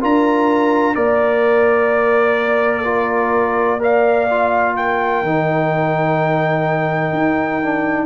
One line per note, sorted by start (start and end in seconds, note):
0.00 0.96 D4
0.00 0.95 F4
0.00 0.95 A#4
0.00 0.95 A#5
0.95 5.22 A#3
0.95 2.85 A#4
0.95 3.81 D5
0.95 2.85 D5
2.85 3.79 F4
2.85 3.80 A#4
3.79 4.27 A#4
3.79 4.76 D5
3.79 4.76 F5
4.30 5.25 F4
4.76 8.06 A#4
4.76 8.06 G5
5.22 7.13 D#3
5.22 7.63 D#4
7.13 8.06 D#4
7.63 8.06 D4